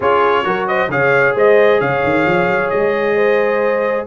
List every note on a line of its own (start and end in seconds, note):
0.00 0.45 C#4
0.00 0.44 F4
0.00 0.45 G#4
0.00 0.67 C#5
0.44 0.88 F#3
0.44 0.89 F#4
0.44 0.67 A#4
0.67 0.90 C5
0.67 0.90 D#5
0.88 1.33 C#3
0.88 4.06 G#4
0.88 1.35 C#5
0.88 1.36 F5
1.35 1.80 G#3
1.35 1.80 C5
1.35 1.80 D#5
1.80 2.03 C#3
1.80 3.15 C#5
1.80 2.70 F5
2.04 2.26 D#3
2.26 2.48 F3
2.48 2.70 F#3
2.70 4.06 G#3
2.70 4.05 D#5
3.15 4.05 C5